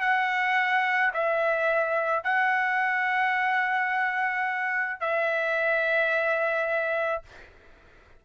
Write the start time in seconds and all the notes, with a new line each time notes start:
0.00 F#5
1.13 E5
2.24 F#5
5.00 E5